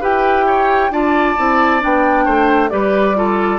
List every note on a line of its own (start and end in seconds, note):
0.00 0.90 E4
0.00 0.91 G4
0.00 0.45 B4
0.00 0.92 G5
0.46 0.91 C#5
0.90 1.35 D4
0.90 1.36 F4
0.90 2.24 D5
0.90 1.81 A5
1.37 1.83 C4
1.37 1.79 E4
1.79 2.26 B3
1.79 2.69 D4
1.79 2.69 G5
2.24 2.71 A3
2.24 2.69 C5
2.69 3.59 G3
2.69 3.14 G4
2.69 3.16 B4
2.69 3.59 D5
3.15 3.59 F4
3.15 3.59 A4